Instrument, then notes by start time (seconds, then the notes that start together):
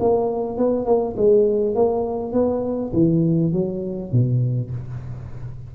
tuba
0.00 A#3
0.58 B3
0.86 A#3
1.17 G#3
1.75 A#3
2.32 B3
2.93 E3
3.53 F#3
4.12 B2